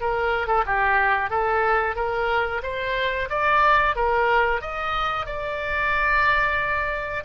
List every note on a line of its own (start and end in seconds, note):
0.00 0.47 A#4
0.47 0.63 A4
0.65 1.30 G4
1.30 1.95 A4
1.95 2.61 A#4
2.63 3.28 C5
3.29 3.95 D5
3.95 4.61 A#4
4.61 5.26 D#5
5.26 7.23 D5